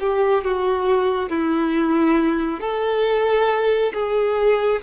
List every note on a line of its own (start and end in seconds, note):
0.00 0.44 G4
0.44 1.30 F#4
1.30 2.61 E4
2.61 3.93 A4
3.93 4.82 G#4